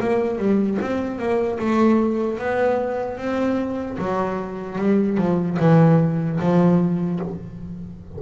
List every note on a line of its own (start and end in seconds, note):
0.00 0.38 A#3
0.38 0.78 G3
0.81 1.19 C4
1.19 1.59 A#3
1.59 2.39 A3
2.39 3.17 B3
3.17 3.97 C4
3.98 4.78 F#3
4.78 5.17 G3
5.17 5.57 F3
5.59 6.39 E3
6.40 7.20 F3